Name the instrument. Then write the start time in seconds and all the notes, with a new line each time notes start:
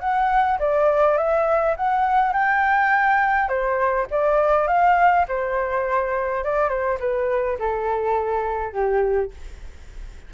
flute
0.00 F#5
0.59 D5
1.18 E5
1.77 F#5
2.33 G5
3.49 C5
4.11 D5
4.68 F5
5.28 C5
6.44 D5
6.69 C5
7.00 B4
7.59 A4
8.73 G4